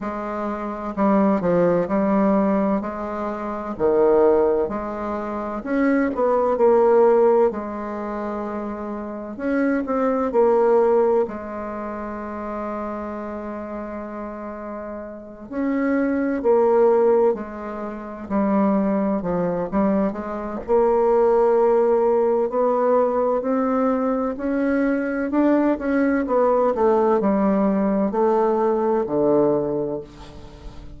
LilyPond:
\new Staff \with { instrumentName = "bassoon" } { \time 4/4 \tempo 4 = 64 gis4 g8 f8 g4 gis4 | dis4 gis4 cis'8 b8 ais4 | gis2 cis'8 c'8 ais4 | gis1~ |
gis8 cis'4 ais4 gis4 g8~ | g8 f8 g8 gis8 ais2 | b4 c'4 cis'4 d'8 cis'8 | b8 a8 g4 a4 d4 | }